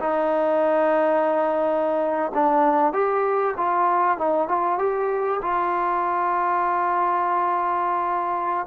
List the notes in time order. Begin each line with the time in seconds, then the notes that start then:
0.00 D#4
2.34 D4
2.93 G4
3.57 F4
4.18 D#4
4.48 F4
4.79 G4
5.42 F4